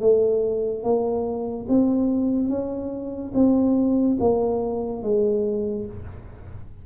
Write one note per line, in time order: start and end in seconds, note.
0.00 0.83 A3
0.83 1.66 A#3
1.68 2.48 C4
2.48 3.32 C#4
3.34 4.17 C4
4.19 5.02 A#3
5.02 5.86 G#3